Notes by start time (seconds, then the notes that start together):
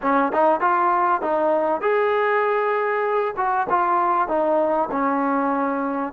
0.02 C#4
0.32 D#4
0.60 F4
1.21 D#4
1.81 G#4
3.36 F#4
3.69 F4
4.28 D#4
4.91 C#4